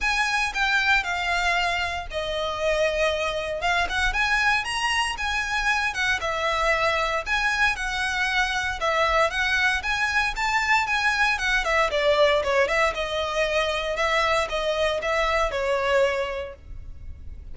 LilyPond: \new Staff \with { instrumentName = "violin" } { \time 4/4 \tempo 4 = 116 gis''4 g''4 f''2 | dis''2. f''8 fis''8 | gis''4 ais''4 gis''4. fis''8 | e''2 gis''4 fis''4~ |
fis''4 e''4 fis''4 gis''4 | a''4 gis''4 fis''8 e''8 d''4 | cis''8 e''8 dis''2 e''4 | dis''4 e''4 cis''2 | }